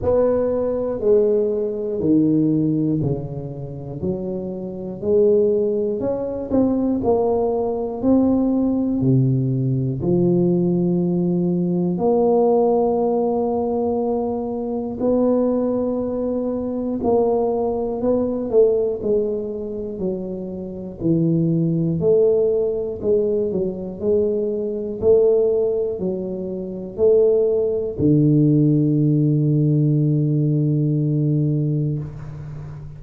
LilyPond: \new Staff \with { instrumentName = "tuba" } { \time 4/4 \tempo 4 = 60 b4 gis4 dis4 cis4 | fis4 gis4 cis'8 c'8 ais4 | c'4 c4 f2 | ais2. b4~ |
b4 ais4 b8 a8 gis4 | fis4 e4 a4 gis8 fis8 | gis4 a4 fis4 a4 | d1 | }